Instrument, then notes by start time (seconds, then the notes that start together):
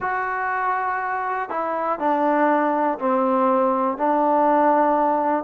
trombone
0.00 F#4
1.49 E4
1.99 D4
2.98 C4
3.97 D4